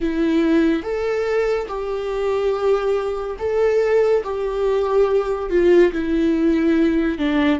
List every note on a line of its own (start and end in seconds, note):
0.00 0.83 E4
0.83 1.67 A4
1.67 3.36 G4
3.38 4.23 A4
4.23 5.49 G4
5.49 5.92 F4
5.92 7.18 E4
7.18 7.60 D4